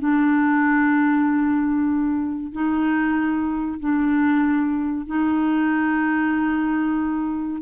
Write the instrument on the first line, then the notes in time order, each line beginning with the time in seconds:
clarinet
0.00 D4
2.53 D#4
3.80 D4
5.07 D#4